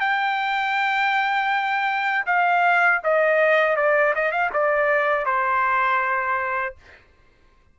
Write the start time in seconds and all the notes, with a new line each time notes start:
0.00 G5
2.26 F5
3.04 D#5
3.77 D5
4.16 D#5
4.32 F5
4.54 D5
5.26 C5